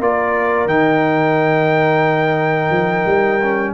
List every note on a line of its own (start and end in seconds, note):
0.00 0.66 A#3
0.00 0.68 F4
0.00 3.74 A#4
0.00 0.68 D5
0.66 2.70 D#3
0.66 3.41 D#4
0.66 3.74 G5
2.70 3.04 F3
3.06 3.74 G3
3.43 3.74 C#4